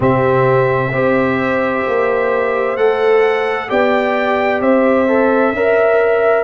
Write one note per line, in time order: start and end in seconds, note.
0.00 0.92 C3
0.00 0.92 C4
0.00 0.91 G4
0.00 2.76 E5
0.92 1.84 C4
0.92 2.77 G4
0.92 3.69 C5
1.86 2.77 A#3
2.76 3.69 A3
2.76 3.68 A4
2.76 3.69 F#5
3.68 4.61 B3
3.68 5.07 G4
3.68 4.61 D5
3.68 4.61 G5
4.61 5.52 C4
4.61 5.53 C5
4.61 6.43 E5
5.07 5.53 A4
5.52 6.43 C#4
5.52 6.43 A#4
5.52 6.43 E5